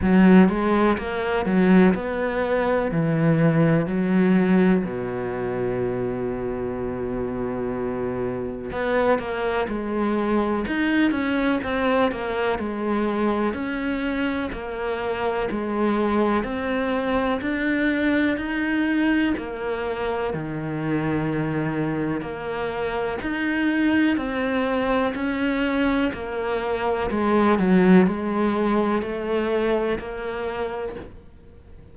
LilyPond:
\new Staff \with { instrumentName = "cello" } { \time 4/4 \tempo 4 = 62 fis8 gis8 ais8 fis8 b4 e4 | fis4 b,2.~ | b,4 b8 ais8 gis4 dis'8 cis'8 | c'8 ais8 gis4 cis'4 ais4 |
gis4 c'4 d'4 dis'4 | ais4 dis2 ais4 | dis'4 c'4 cis'4 ais4 | gis8 fis8 gis4 a4 ais4 | }